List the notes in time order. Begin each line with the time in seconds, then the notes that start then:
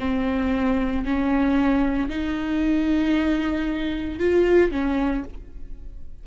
0.00 C4
1.05 C#4
2.10 D#4
4.20 F4
4.72 C#4